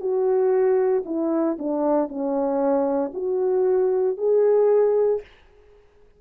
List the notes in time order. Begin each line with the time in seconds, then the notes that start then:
0.00 F#4
1.05 E4
1.58 D4
2.08 C#4
3.14 F#4
4.18 G#4